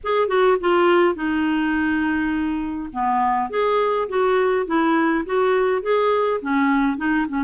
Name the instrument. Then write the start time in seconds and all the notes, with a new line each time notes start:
clarinet
0.03 G#4
0.28 F#4
0.60 F4
1.15 D#4
2.92 B3
3.50 G#4
4.08 F#4
4.66 E4
5.25 F#4
5.82 G#4
6.41 C#4
6.97 D#4
7.28 C#4